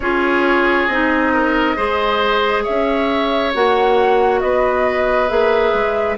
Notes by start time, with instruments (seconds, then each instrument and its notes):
0.00 bassoon C#4, clarinet F4, oboe G#4, flute C#5
0.87 bassoon C4, clarinet D#4, flute D#5
1.33 oboe A#4
1.76 bassoon G#3, clarinet G#4, oboe C5
2.63 bassoon C#4, oboe C#5, flute E5
3.54 bassoon A#3, clarinet F#4, flute F#5
4.40 bassoon B3, oboe B4, flute D#5
5.28 bassoon A#3, clarinet G#4, flute E5
5.73 bassoon G#3